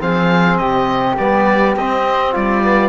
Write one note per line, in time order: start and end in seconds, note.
0.00 0.60 F3
0.00 1.17 C4
0.00 0.60 G#4
0.00 0.58 F5
0.58 1.18 C3
0.58 2.33 G4
0.58 1.16 D#5
1.18 1.76 G3
1.18 1.77 B3
1.18 1.76 D5
1.76 2.34 C4
1.76 2.63 C4
1.76 2.35 D#5
2.33 2.89 G3
2.33 2.89 F4
2.33 2.89 D5
2.63 2.89 B3